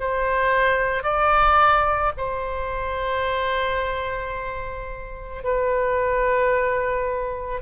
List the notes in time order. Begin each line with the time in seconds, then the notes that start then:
0.00 C5
1.03 D5
2.17 C5
5.43 B4